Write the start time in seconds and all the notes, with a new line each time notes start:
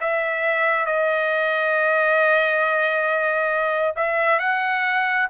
0.00 E5
0.85 D#5
3.96 E5
4.39 F#5